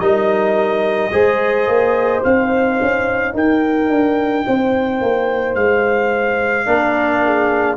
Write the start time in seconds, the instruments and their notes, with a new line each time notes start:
0.00 tuba G3, trombone D#4, horn A#4, trumpet D#5
1.11 tuba G#3, trombone G#4, horn C5
1.67 tuba A#3
2.23 tuba C4, trombone D#4, trumpet F5
2.82 tuba C#4
3.34 tuba D#4, horn A#4, trumpet G5
3.89 tuba D4
4.47 tuba C4, horn C5
5.01 tuba A#3
5.55 tuba G#3, trumpet F5
6.66 tuba A#3, trombone D4, horn A#4
7.24 horn G#4